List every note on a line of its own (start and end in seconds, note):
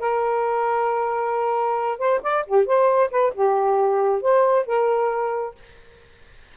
0.00 1.99 A#4
1.99 2.21 C5
2.23 2.46 D5
2.47 2.66 G4
2.66 3.11 C5
3.11 3.34 B4
3.35 4.22 G4
4.22 4.66 C5
4.66 5.55 A#4